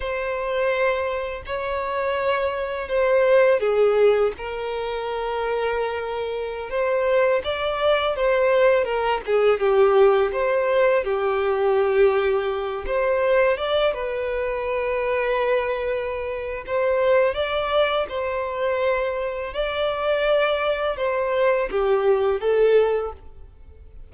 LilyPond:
\new Staff \with { instrumentName = "violin" } { \time 4/4 \tempo 4 = 83 c''2 cis''2 | c''4 gis'4 ais'2~ | ais'4~ ais'16 c''4 d''4 c''8.~ | c''16 ais'8 gis'8 g'4 c''4 g'8.~ |
g'4.~ g'16 c''4 d''8 b'8.~ | b'2. c''4 | d''4 c''2 d''4~ | d''4 c''4 g'4 a'4 | }